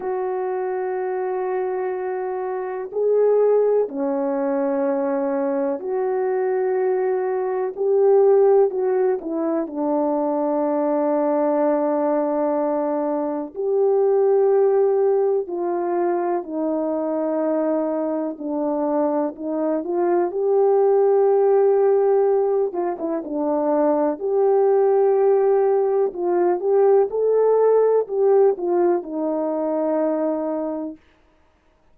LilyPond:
\new Staff \with { instrumentName = "horn" } { \time 4/4 \tempo 4 = 62 fis'2. gis'4 | cis'2 fis'2 | g'4 fis'8 e'8 d'2~ | d'2 g'2 |
f'4 dis'2 d'4 | dis'8 f'8 g'2~ g'8 f'16 e'16 | d'4 g'2 f'8 g'8 | a'4 g'8 f'8 dis'2 | }